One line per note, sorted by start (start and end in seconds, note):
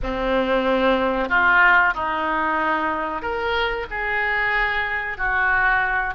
0.03 1.29 C4
1.29 1.94 F4
1.94 3.21 D#4
3.21 3.86 A#4
3.90 5.17 G#4
5.17 6.14 F#4